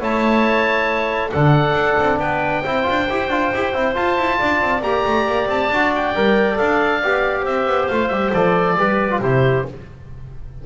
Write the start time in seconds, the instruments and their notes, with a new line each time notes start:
0.00 double bass A3, trombone E4, clarinet C#5, oboe A5
1.31 double bass D3, trombone D4, clarinet A4, oboe F#5
1.73 double bass D4
2.00 double bass C4
2.19 double bass B3, clarinet B4, oboe G5
2.63 double bass C4, trombone E4, clarinet C5
2.83 trombone F4
2.90 double bass D4
3.10 double bass E4, trombone G4
3.29 double bass D4, trombone F4
3.54 double bass E4, trombone G4
3.74 double bass C4, trombone E4
3.94 trombone F4, double bass F4, oboe A5
4.18 double bass E4
4.39 double bass D4, clarinet D5
4.62 double bass C4
4.82 double bass A#3, trombone G4, oboe A#5
5.05 double bass A3
5.27 double bass A#3
5.47 double bass C4, oboe A5
5.70 double bass D4, trombone F#4
5.96 oboe G5
6.15 double bass G3, trombone A#4
6.56 double bass D4, trombone A4, oboe F5
7.03 double bass B3, trombone G4
7.42 double bass C4, clarinet C5, oboe E5
7.66 double bass B3
7.87 double bass A3, trombone F4, oboe F5
8.08 double bass G3, trombone G4, oboe E5
8.34 double bass F3, trombone A4, oboe D5
8.76 double bass G3, trombone G4, clarinet B4
9.11 trombone F4
9.21 double bass C3, trombone E4, clarinet G4, oboe C5